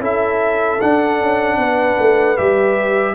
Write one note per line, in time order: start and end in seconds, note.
0.00 0.78 C#4
0.00 0.79 E4
0.00 1.56 A4
0.00 0.81 E5
0.81 2.37 D4
0.81 1.20 D4
0.81 2.37 F#5
1.20 1.57 C#4
1.57 1.96 B3
1.57 3.15 B4
1.99 2.38 A3
2.37 3.15 G3
2.37 3.15 G4
2.37 3.15 E5